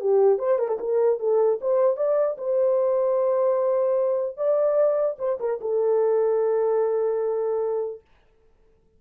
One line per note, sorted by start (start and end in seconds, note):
0.00 0.38 G4
0.38 0.58 C5
0.58 0.68 A#4
0.68 0.78 A4
0.79 1.19 A#4
1.19 1.59 A4
1.61 1.96 C5
1.96 2.36 D5
2.38 4.37 C5
4.37 5.17 D5
5.18 5.38 C5
5.39 5.59 A#4
5.61 8.01 A4